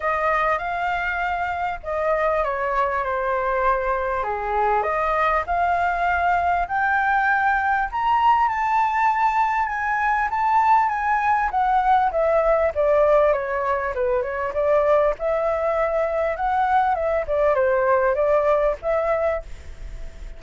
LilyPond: \new Staff \with { instrumentName = "flute" } { \time 4/4 \tempo 4 = 99 dis''4 f''2 dis''4 | cis''4 c''2 gis'4 | dis''4 f''2 g''4~ | g''4 ais''4 a''2 |
gis''4 a''4 gis''4 fis''4 | e''4 d''4 cis''4 b'8 cis''8 | d''4 e''2 fis''4 | e''8 d''8 c''4 d''4 e''4 | }